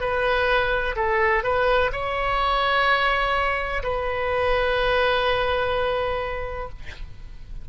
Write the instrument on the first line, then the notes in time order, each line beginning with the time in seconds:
oboe
0.00 B4
0.96 A4
1.43 B4
1.92 C#5
3.83 B4